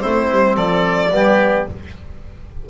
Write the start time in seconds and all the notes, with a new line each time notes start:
0.00 A3 C4 E4 C5
0.30 G3
0.55 F3 A4 D5
1.10 G3 B3 G4